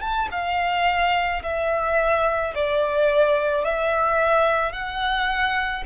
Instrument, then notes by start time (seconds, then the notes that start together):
violin
0.00 A5
0.31 F5
1.42 E5
2.55 D5
3.64 E5
4.72 F#5